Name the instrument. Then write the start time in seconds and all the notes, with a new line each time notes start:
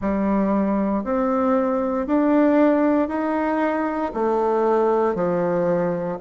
bassoon
0.01 G3
1.03 C4
2.06 D4
3.08 D#4
4.14 A3
5.14 F3